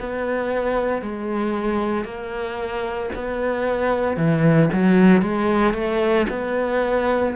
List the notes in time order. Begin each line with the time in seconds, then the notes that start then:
0.00 B3
1.02 G#3
2.05 A#3
3.15 B3
4.17 E3
4.73 F#3
5.22 G#3
5.74 A3
6.30 B3